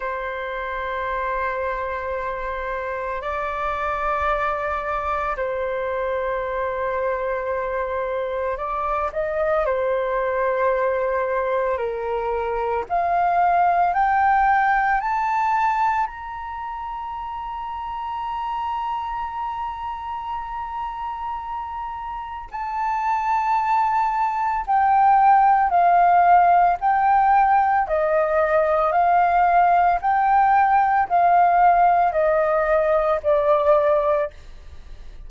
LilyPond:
\new Staff \with { instrumentName = "flute" } { \time 4/4 \tempo 4 = 56 c''2. d''4~ | d''4 c''2. | d''8 dis''8 c''2 ais'4 | f''4 g''4 a''4 ais''4~ |
ais''1~ | ais''4 a''2 g''4 | f''4 g''4 dis''4 f''4 | g''4 f''4 dis''4 d''4 | }